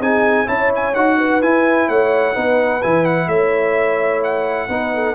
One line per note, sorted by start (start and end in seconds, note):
0.00 0.47 C4
0.00 0.46 D#4
0.00 0.46 G#4
0.00 0.48 G#5
0.46 0.95 C#4
0.46 0.93 E4
0.46 1.16 C#5
0.46 0.71 A5
0.75 0.94 G#5
0.94 1.42 D#4
0.94 1.42 F#4
0.94 1.41 F#5
1.17 1.88 B4
1.42 2.34 E4
1.42 1.89 E4
1.42 1.89 G#5
1.88 2.36 A3
1.88 2.34 C#5
1.88 2.82 F#5
2.34 2.83 B3
2.34 2.81 D#4
2.34 3.27 B4
2.82 3.27 E3
2.82 4.69 E4
2.82 3.05 G#5
3.05 3.28 F#5
3.27 4.68 A3
3.27 4.68 C#5
3.27 4.22 E5
4.23 5.15 F#5
4.68 5.15 B3
4.68 5.15 D#4
4.68 4.94 B4
4.94 5.15 A4